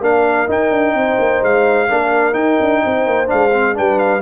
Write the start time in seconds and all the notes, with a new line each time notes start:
0.00 A#3 D4 A#4 F5
0.47 D#4 G5
0.70 D4
0.94 C4 C5
1.19 A#3
1.43 G#3 F5
1.89 A#3 D4 A#4
2.32 D#4 G5
2.60 D4
2.84 C4 C5
3.06 A#3
3.26 D4 F5
3.33 G#3
3.53 C4
3.74 G3 D4 B4 G5
3.98 F5